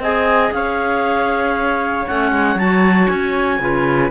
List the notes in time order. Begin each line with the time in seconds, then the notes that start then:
0.00 C4 G#4 D#5 G#5
0.51 C#4 C#5 F5
2.07 A3 C#4 F#5
2.32 G#3
2.56 F#3 F#4 A5
3.08 C#4 G#5
3.60 C#3 F4 B4